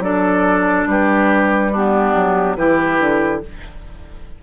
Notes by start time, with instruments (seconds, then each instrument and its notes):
0.00 bassoon F#3, clarinet D4, oboe A4, flute D5
0.87 bassoon G3, oboe G4, flute B4
1.72 clarinet B3, oboe D4, flute G4
2.15 bassoon F#3
2.56 bassoon E3, clarinet E4, oboe G4, flute B4
2.99 bassoon D3